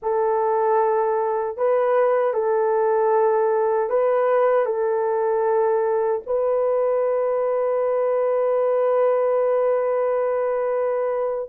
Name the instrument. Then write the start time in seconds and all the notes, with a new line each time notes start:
horn
0.02 A4
1.57 B4
2.33 A4
3.89 B4
4.65 A4
6.26 B4